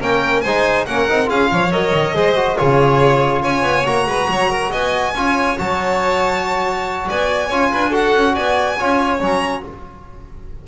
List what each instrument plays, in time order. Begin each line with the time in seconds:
0.00 double bass A#3, trombone C#4, violin A#4 G5
0.41 double bass G#3, trombone D#4, violin C5 G#5
0.86 double bass A#3, trombone C#4, violin A#4 F#5
1.08 double bass C4, trombone D#4
1.26 double bass C#4, trombone F4, violin G#4 F5
1.51 double bass F3, violin C#5
1.71 double bass F#3, trombone A#4, violin D#5
1.93 double bass D#3
2.14 double bass G#3, trombone G#4, violin C5
2.36 trombone F#4
2.57 double bass C#3, trombone F4, violin G#4 C#5
3.42 double bass C#4, violin C#5 G#5
3.62 double bass B3
3.85 double bass A#3, trombone F#4, violin A#5
4.06 double bass G#3, violin B4
4.28 double bass F#3, violin C#5
4.50 violin A#4
4.71 double bass B3, violin D#5 G#5
5.14 double bass C#4, trombone F4, violin C#5
5.57 double bass F#3, trombone F#4, violin A5
7.07 double bass B3, violin D5 G#5
7.47 double bass C#4, trombone F4, violin C#5
7.72 double bass D4, violin B4
7.90 trombone F#4, violin A4 F#5
8.15 double bass C#4
8.34 double bass B3, violin D5 G#5
8.78 double bass C#4, trombone F4, violin C#5
9.19 double bass F#3, trombone C#4, violin A#5